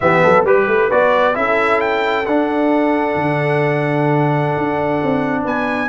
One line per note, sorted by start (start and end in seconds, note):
0.00 0.24 E3
0.00 0.45 B3
0.00 0.23 G4
0.00 0.45 E5
0.23 0.44 F#3
0.23 0.45 A4
0.44 0.67 G3
0.44 0.91 G4
0.44 0.90 B4
0.44 1.37 B4
0.67 0.89 A3
0.90 1.36 B3
0.90 1.34 F#4
0.90 1.35 D5
1.34 2.27 C#4
1.34 2.24 E4
1.34 5.43 A4
1.34 1.80 E5
1.80 2.25 G5
2.25 3.15 D4
2.25 5.89 D4
2.25 5.44 F#5
3.15 4.51 D3
4.57 5.02 D4
5.02 5.45 C4
5.43 5.89 B3
5.43 5.88 B4
5.43 5.89 G#5